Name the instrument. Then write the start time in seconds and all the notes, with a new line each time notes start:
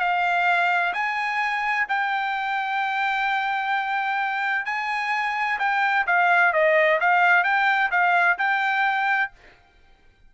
trumpet
0.00 F5
0.93 G#5
1.89 G5
4.65 G#5
5.59 G5
6.07 F5
6.53 D#5
7.00 F5
7.44 G5
7.91 F5
8.38 G5